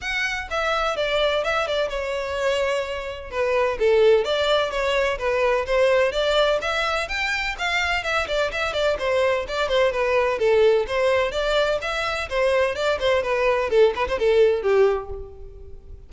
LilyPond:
\new Staff \with { instrumentName = "violin" } { \time 4/4 \tempo 4 = 127 fis''4 e''4 d''4 e''8 d''8 | cis''2. b'4 | a'4 d''4 cis''4 b'4 | c''4 d''4 e''4 g''4 |
f''4 e''8 d''8 e''8 d''8 c''4 | d''8 c''8 b'4 a'4 c''4 | d''4 e''4 c''4 d''8 c''8 | b'4 a'8 b'16 c''16 a'4 g'4 | }